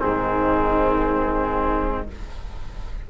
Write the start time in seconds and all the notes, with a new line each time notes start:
0.00 G#2 D#3 C4 G#4